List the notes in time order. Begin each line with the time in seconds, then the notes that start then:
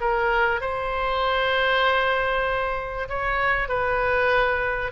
0.00 A#4
0.60 C5
3.08 C#5
3.68 B4